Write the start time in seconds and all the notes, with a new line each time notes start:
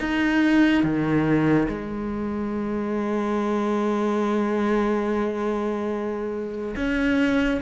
0.00 D#4
0.83 D#3
1.68 G#3
6.76 C#4